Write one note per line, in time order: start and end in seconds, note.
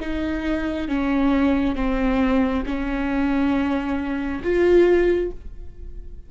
0.00 0.88 D#4
0.88 1.76 C#4
1.76 2.64 C4
2.66 4.42 C#4
4.43 5.31 F4